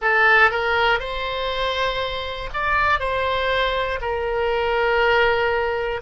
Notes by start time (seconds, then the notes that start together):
0.01 A4
0.50 A#4
0.99 C5
2.53 D5
3.00 C5
4.01 A#4